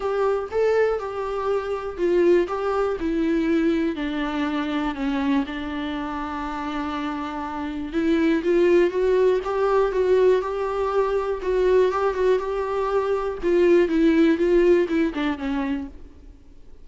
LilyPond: \new Staff \with { instrumentName = "viola" } { \time 4/4 \tempo 4 = 121 g'4 a'4 g'2 | f'4 g'4 e'2 | d'2 cis'4 d'4~ | d'1 |
e'4 f'4 fis'4 g'4 | fis'4 g'2 fis'4 | g'8 fis'8 g'2 f'4 | e'4 f'4 e'8 d'8 cis'4 | }